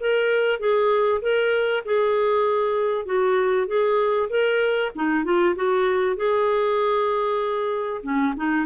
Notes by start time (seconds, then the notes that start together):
0.00 A#4
0.60 G#4
1.22 A#4
1.85 G#4
3.06 F#4
3.67 G#4
4.30 A#4
4.95 D#4
5.24 F4
5.56 F#4
6.16 G#4
8.03 C#4
8.37 D#4